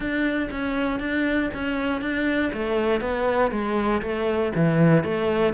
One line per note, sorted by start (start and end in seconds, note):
0.00 0.48 D4
0.50 0.99 C#4
0.99 1.50 D4
1.54 2.01 C#4
2.01 2.51 D4
2.53 3.00 A3
3.00 3.51 B3
3.51 4.01 G#3
4.02 4.52 A3
4.55 5.04 E3
5.04 5.53 A3